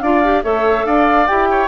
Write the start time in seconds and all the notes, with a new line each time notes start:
0.00 D4 F4 D5 F5
0.25 G4
0.44 A3 A4 C#5 E5
0.85 D4 D5 F5
1.27 E4 G4 G5
1.50 C#5